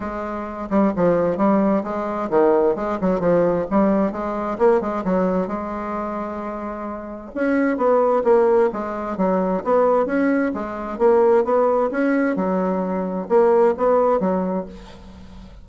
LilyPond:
\new Staff \with { instrumentName = "bassoon" } { \time 4/4 \tempo 4 = 131 gis4. g8 f4 g4 | gis4 dis4 gis8 fis8 f4 | g4 gis4 ais8 gis8 fis4 | gis1 |
cis'4 b4 ais4 gis4 | fis4 b4 cis'4 gis4 | ais4 b4 cis'4 fis4~ | fis4 ais4 b4 fis4 | }